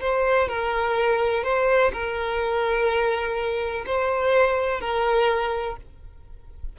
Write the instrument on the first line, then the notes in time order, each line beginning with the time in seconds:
violin
0.00 C5
0.48 A#4
1.43 C5
1.92 A#4
3.86 C5
4.80 A#4